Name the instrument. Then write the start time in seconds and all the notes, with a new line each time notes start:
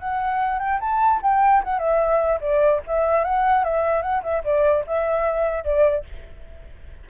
flute
0.00 F#5
0.60 G5
0.81 A5
1.23 G5
1.64 F#5
1.79 E5
2.41 D5
2.88 E5
3.25 F#5
3.65 E5
4.02 F#5
4.23 E5
4.45 D5
4.87 E5
5.65 D5